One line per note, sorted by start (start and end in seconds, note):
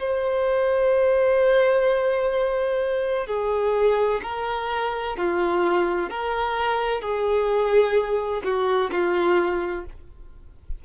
0.00 3.27 C5
3.27 4.21 G#4
4.23 5.17 A#4
5.17 6.11 F4
6.11 7.01 A#4
7.01 8.42 G#4
8.44 8.91 F#4
8.91 9.85 F4